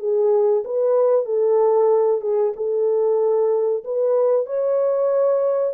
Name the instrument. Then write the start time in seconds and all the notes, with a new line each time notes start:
horn
0.00 G#4
0.65 B4
1.26 A4
2.22 G#4
2.57 A4
3.85 B4
4.47 C#5